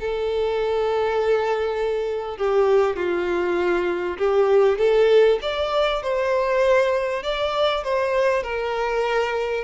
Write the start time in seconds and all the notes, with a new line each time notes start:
0.00 A4
2.37 G4
2.96 F4
4.18 G4
4.78 A4
5.42 D5
6.02 C5
7.23 D5
7.84 C5
8.43 A#4